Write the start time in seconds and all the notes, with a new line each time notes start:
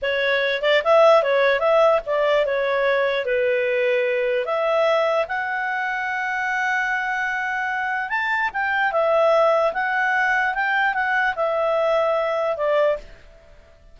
0.02 C#5
0.62 D5
0.84 E5
1.22 C#5
1.59 E5
2.05 D5
2.45 C#5
3.25 B4
4.45 E5
5.28 F#5
8.09 A5
8.53 G5
8.92 E5
9.73 F#5
10.54 G5
10.93 F#5
11.35 E5
12.56 D5